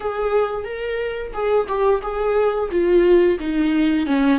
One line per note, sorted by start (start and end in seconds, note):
0.00 0.64 G#4
0.64 1.31 A#4
1.33 1.67 G#4
1.68 2.01 G4
2.02 2.69 G#4
2.71 3.38 F4
3.39 4.06 D#4
4.06 4.38 C#4